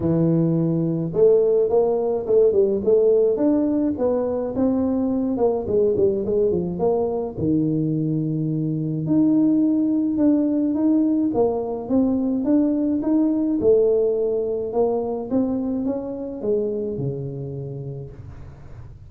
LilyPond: \new Staff \with { instrumentName = "tuba" } { \time 4/4 \tempo 4 = 106 e2 a4 ais4 | a8 g8 a4 d'4 b4 | c'4. ais8 gis8 g8 gis8 f8 | ais4 dis2. |
dis'2 d'4 dis'4 | ais4 c'4 d'4 dis'4 | a2 ais4 c'4 | cis'4 gis4 cis2 | }